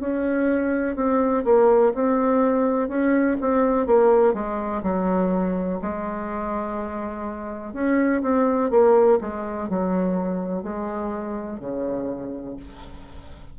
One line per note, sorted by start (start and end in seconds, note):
0.00 0.95 C#4
0.95 1.44 C4
1.44 1.93 A#3
1.94 2.88 C4
2.88 3.37 C#4
3.40 3.86 C4
3.86 4.34 A#3
4.34 4.82 G#3
4.83 5.80 F#3
5.82 7.73 G#3
7.73 8.22 C#4
8.22 8.70 C4
8.70 9.18 A#3
9.21 9.70 G#3
9.70 10.63 F#3
10.63 11.60 G#3
11.60 12.57 C#3